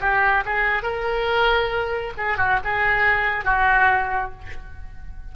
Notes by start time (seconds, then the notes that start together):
0.00 G4
0.45 G#4
0.83 A#4
2.17 G#4
2.38 F#4
2.64 G#4
3.45 F#4